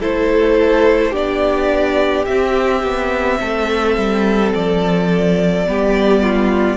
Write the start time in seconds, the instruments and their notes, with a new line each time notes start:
0.00 cello A3, viola E4, violin A4 C5
1.11 cello B3, viola D4, violin G4 D5
2.25 viola C4, cello C4, violin E5
2.83 cello B3
3.40 cello A3, violin A4
3.97 cello G3
4.54 cello F3, violin D5
5.67 cello G3, viola B3, violin G4
6.23 violin F4